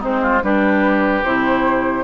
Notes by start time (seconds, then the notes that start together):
0.00 G#3 C4 D#4 C5
0.22 F4
0.43 G3 D4 G4 B4
1.24 C3 E4 C5